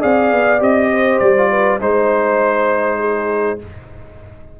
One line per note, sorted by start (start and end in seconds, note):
0.00 0.32 C4
0.00 0.59 G#4
0.00 0.89 D5
0.00 0.61 F5
0.32 0.60 B3
0.59 1.20 C4
0.59 1.33 G4
0.59 1.19 D#5
0.90 1.50 C5
1.19 1.80 G3
1.19 1.78 D5
1.37 1.80 F4
1.50 1.80 B4
1.80 3.59 G#3
1.80 3.59 D#4
1.80 2.99 C5
1.80 3.60 C5
2.99 3.58 G#4